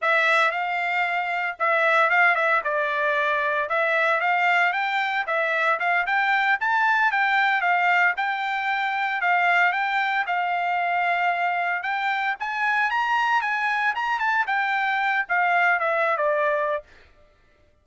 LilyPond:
\new Staff \with { instrumentName = "trumpet" } { \time 4/4 \tempo 4 = 114 e''4 f''2 e''4 | f''8 e''8 d''2 e''4 | f''4 g''4 e''4 f''8 g''8~ | g''8 a''4 g''4 f''4 g''8~ |
g''4. f''4 g''4 f''8~ | f''2~ f''8 g''4 gis''8~ | gis''8 ais''4 gis''4 ais''8 a''8 g''8~ | g''4 f''4 e''8. d''4~ d''16 | }